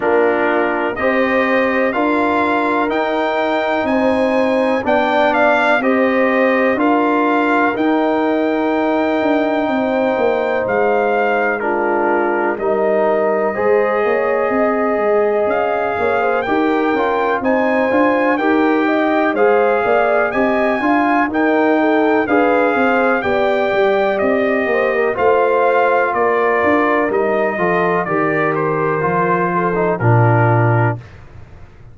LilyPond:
<<
  \new Staff \with { instrumentName = "trumpet" } { \time 4/4 \tempo 4 = 62 ais'4 dis''4 f''4 g''4 | gis''4 g''8 f''8 dis''4 f''4 | g''2. f''4 | ais'4 dis''2. |
f''4 g''4 gis''4 g''4 | f''4 gis''4 g''4 f''4 | g''4 dis''4 f''4 d''4 | dis''4 d''8 c''4. ais'4 | }
  \new Staff \with { instrumentName = "horn" } { \time 4/4 f'4 c''4 ais'2 | c''4 d''4 c''4 ais'4~ | ais'2 c''2 | f'4 ais'4 c''8 cis''8 dis''4~ |
dis''8 cis''16 c''16 ais'4 c''4 ais'8 dis''8 | c''8 d''8 dis''8 f''8 ais'8 a'8 b'8 c''8 | d''4. c''16 ais'16 c''4 ais'4~ | ais'8 a'8 ais'4. a'8 f'4 | }
  \new Staff \with { instrumentName = "trombone" } { \time 4/4 d'4 g'4 f'4 dis'4~ | dis'4 d'4 g'4 f'4 | dis'1 | d'4 dis'4 gis'2~ |
gis'4 g'8 f'8 dis'8 f'8 g'4 | gis'4 g'8 f'8 dis'4 gis'4 | g'2 f'2 | dis'8 f'8 g'4 f'8. dis'16 d'4 | }
  \new Staff \with { instrumentName = "tuba" } { \time 4/4 ais4 c'4 d'4 dis'4 | c'4 b4 c'4 d'4 | dis'4. d'8 c'8 ais8 gis4~ | gis4 g4 gis8 ais8 c'8 gis8 |
cis'8 ais8 dis'8 cis'8 c'8 d'8 dis'4 | gis8 ais8 c'8 d'8 dis'4 d'8 c'8 | b8 g8 c'8 ais8 a4 ais8 d'8 | g8 f8 dis4 f4 ais,4 | }
>>